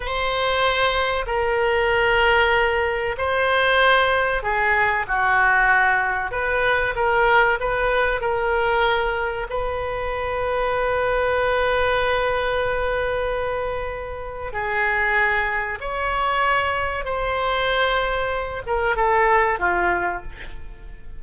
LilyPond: \new Staff \with { instrumentName = "oboe" } { \time 4/4 \tempo 4 = 95 c''2 ais'2~ | ais'4 c''2 gis'4 | fis'2 b'4 ais'4 | b'4 ais'2 b'4~ |
b'1~ | b'2. gis'4~ | gis'4 cis''2 c''4~ | c''4. ais'8 a'4 f'4 | }